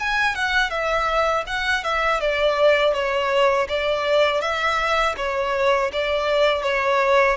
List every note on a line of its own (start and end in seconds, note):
0.00 0.35 G#5
0.35 0.70 F#5
0.70 1.44 E5
1.47 1.84 F#5
1.84 2.21 E5
2.21 2.93 D5
2.93 3.67 C#5
3.69 4.41 D5
4.41 5.15 E5
5.17 5.91 C#5
5.93 6.63 D5
6.63 7.37 C#5